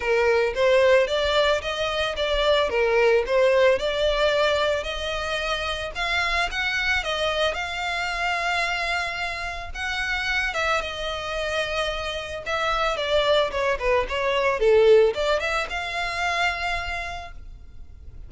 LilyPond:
\new Staff \with { instrumentName = "violin" } { \time 4/4 \tempo 4 = 111 ais'4 c''4 d''4 dis''4 | d''4 ais'4 c''4 d''4~ | d''4 dis''2 f''4 | fis''4 dis''4 f''2~ |
f''2 fis''4. e''8 | dis''2. e''4 | d''4 cis''8 b'8 cis''4 a'4 | d''8 e''8 f''2. | }